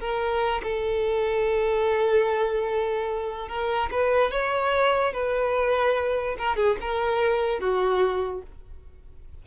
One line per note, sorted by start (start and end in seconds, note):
0.00 0.62 A#4
0.63 3.48 A4
3.48 3.89 A#4
3.91 4.31 B4
4.31 5.13 C#5
5.13 6.36 B4
6.38 6.56 A#4
6.56 6.77 G#4
6.81 7.60 A#4
7.60 8.42 F#4